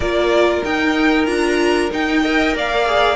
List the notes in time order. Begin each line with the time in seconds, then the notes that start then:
0.00 A#3 F4 A#4 D5
0.64 D#4 G5
1.26 D4 F4 A#5
1.91 D#4 G5
2.22 A#4 D#5
2.55 A#3 D5 F5
2.86 G#4